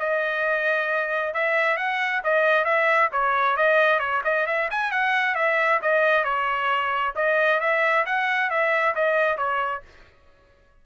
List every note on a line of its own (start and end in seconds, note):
0.00 1.34 D#5
1.34 1.77 E5
1.77 2.22 F#5
2.24 2.65 D#5
2.65 3.10 E5
3.12 3.57 C#5
3.57 4.00 D#5
4.00 4.22 C#5
4.25 4.47 D#5
4.47 4.70 E5
4.71 4.92 G#5
4.92 5.35 F#5
5.35 5.80 E5
5.82 6.25 D#5
6.25 7.14 C#5
7.16 7.61 D#5
7.61 8.06 E5
8.06 8.50 F#5
8.50 8.95 E5
8.96 9.38 D#5
9.38 9.83 C#5